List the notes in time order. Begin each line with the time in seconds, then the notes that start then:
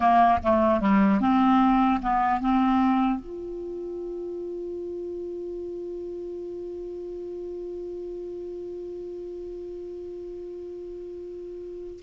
0.00 A#3
0.43 A3
0.80 G3
1.20 C4
2.01 B3
2.40 C4
3.20 F4